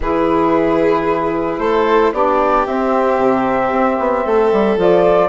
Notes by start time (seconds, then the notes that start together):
0.00 E3 E4 G#4 B4
1.58 A3 A4 C5
2.12 B3 D4 G4 D5
2.66 C4 E5
3.18 C3
3.71 C4
3.98 B3
4.24 A3 A4
4.52 G3
4.76 F3 F4 D5